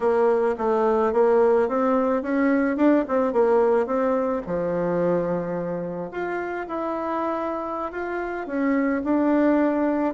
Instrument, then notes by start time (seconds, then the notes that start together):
bassoon
0.00 A#3
0.57 A3
1.12 A#3
1.68 C4
2.22 C#4
2.77 D4
3.07 C4
3.33 A#3
3.86 C4
4.46 F3
6.11 F4
6.67 E4
7.91 F4
8.46 C#4
9.04 D4